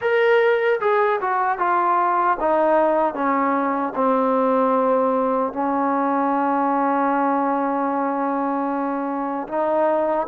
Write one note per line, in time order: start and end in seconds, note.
0.01 0.80 A#4
0.80 1.19 G#4
1.20 1.58 F#4
1.58 2.37 F4
2.40 3.14 D#4
3.14 3.93 C#4
3.95 5.52 C4
5.52 9.47 C#4
9.48 10.27 D#4